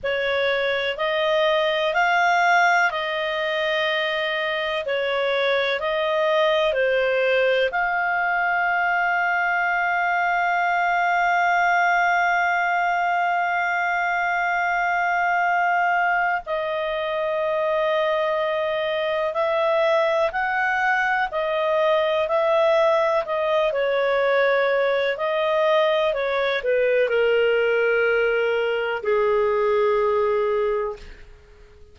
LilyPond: \new Staff \with { instrumentName = "clarinet" } { \time 4/4 \tempo 4 = 62 cis''4 dis''4 f''4 dis''4~ | dis''4 cis''4 dis''4 c''4 | f''1~ | f''1~ |
f''4 dis''2. | e''4 fis''4 dis''4 e''4 | dis''8 cis''4. dis''4 cis''8 b'8 | ais'2 gis'2 | }